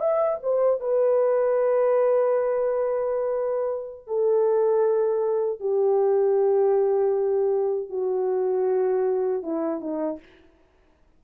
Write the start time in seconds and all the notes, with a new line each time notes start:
0.00 E5
0.43 C5
0.80 B4
4.07 A4
5.60 G4
7.90 F#4
9.43 E4
9.81 D#4